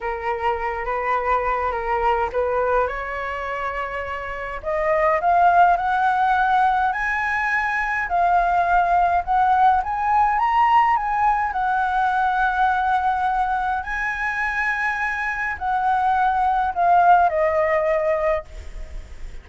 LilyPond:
\new Staff \with { instrumentName = "flute" } { \time 4/4 \tempo 4 = 104 ais'4. b'4. ais'4 | b'4 cis''2. | dis''4 f''4 fis''2 | gis''2 f''2 |
fis''4 gis''4 ais''4 gis''4 | fis''1 | gis''2. fis''4~ | fis''4 f''4 dis''2 | }